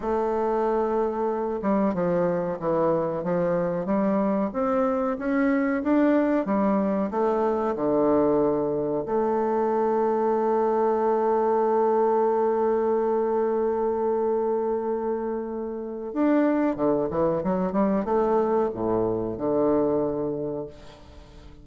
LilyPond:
\new Staff \with { instrumentName = "bassoon" } { \time 4/4 \tempo 4 = 93 a2~ a8 g8 f4 | e4 f4 g4 c'4 | cis'4 d'4 g4 a4 | d2 a2~ |
a1~ | a1~ | a4 d'4 d8 e8 fis8 g8 | a4 a,4 d2 | }